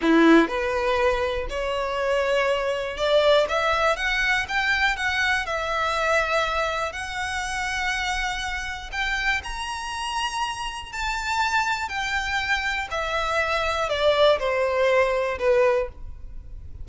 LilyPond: \new Staff \with { instrumentName = "violin" } { \time 4/4 \tempo 4 = 121 e'4 b'2 cis''4~ | cis''2 d''4 e''4 | fis''4 g''4 fis''4 e''4~ | e''2 fis''2~ |
fis''2 g''4 ais''4~ | ais''2 a''2 | g''2 e''2 | d''4 c''2 b'4 | }